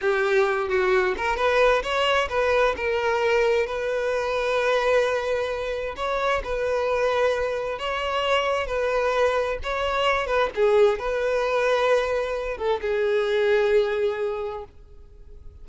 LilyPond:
\new Staff \with { instrumentName = "violin" } { \time 4/4 \tempo 4 = 131 g'4. fis'4 ais'8 b'4 | cis''4 b'4 ais'2 | b'1~ | b'4 cis''4 b'2~ |
b'4 cis''2 b'4~ | b'4 cis''4. b'8 gis'4 | b'2.~ b'8 a'8 | gis'1 | }